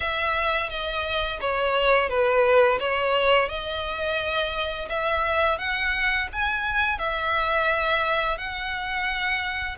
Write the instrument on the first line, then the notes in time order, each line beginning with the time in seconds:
violin
0.00 E5
0.69 D#5
1.40 C#5
2.09 B4
2.79 C#5
3.49 D#5
4.89 E5
5.58 F#5
6.32 G#5
6.98 E5
8.37 F#5